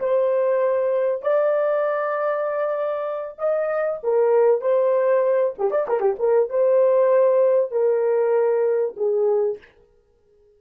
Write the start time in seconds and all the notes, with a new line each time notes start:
0.00 C5
1.23 D5
3.39 D#5
4.03 A#4
4.62 C5
5.59 G4
5.71 D5
5.88 A#4
6.01 G4
6.20 A#4
6.50 C5
7.72 A#4
8.97 G#4